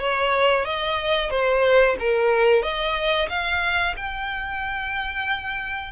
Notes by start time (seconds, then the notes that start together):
0.00 C#5
0.65 D#5
1.31 C5
2.00 A#4
2.63 D#5
3.29 F5
3.97 G5